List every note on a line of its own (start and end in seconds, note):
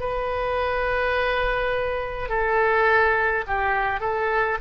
0.00 2.29 B4
2.29 3.45 A4
3.47 4.00 G4
4.00 4.58 A4